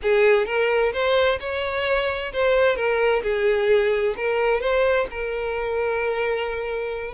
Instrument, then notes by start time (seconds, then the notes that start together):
violin
0.02 G#4
0.46 A#4
0.92 C5
1.40 C#5
2.32 C5
2.76 A#4
3.22 G#4
4.16 A#4
4.60 C5
5.10 A#4